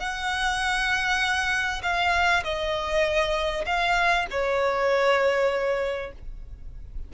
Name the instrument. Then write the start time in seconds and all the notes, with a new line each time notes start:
violin
0.00 F#5
1.83 F5
2.44 D#5
3.66 F5
4.31 C#5